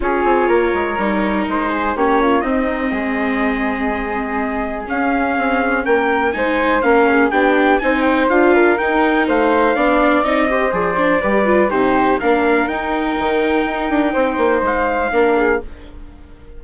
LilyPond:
<<
  \new Staff \with { instrumentName = "trumpet" } { \time 4/4 \tempo 4 = 123 cis''2. c''4 | cis''4 dis''2.~ | dis''2 f''2 | g''4 gis''4 f''4 g''4 |
gis''8 g''8 f''4 g''4 f''4~ | f''4 dis''4 d''2 | c''4 f''4 g''2~ | g''2 f''2 | }
  \new Staff \with { instrumentName = "flute" } { \time 4/4 gis'4 ais'2~ ais'8 gis'8 | g'8 f'8 dis'4 gis'2~ | gis'1 | ais'4 c''4 ais'8 gis'8 g'4 |
c''4. ais'4. c''4 | d''4. c''4. b'4 | g'4 ais'2.~ | ais'4 c''2 ais'8 gis'8 | }
  \new Staff \with { instrumentName = "viola" } { \time 4/4 f'2 dis'2 | cis'4 c'2.~ | c'2 cis'2~ | cis'4 dis'4 cis'4 d'4 |
dis'4 f'4 dis'2 | d'4 dis'8 g'8 gis'8 d'8 g'8 f'8 | dis'4 d'4 dis'2~ | dis'2. d'4 | }
  \new Staff \with { instrumentName = "bassoon" } { \time 4/4 cis'8 c'8 ais8 gis8 g4 gis4 | ais4 c'4 gis2~ | gis2 cis'4 c'4 | ais4 gis4 ais4 b4 |
c'4 d'4 dis'4 a4 | b4 c'4 f4 g4 | c4 ais4 dis'4 dis4 | dis'8 d'8 c'8 ais8 gis4 ais4 | }
>>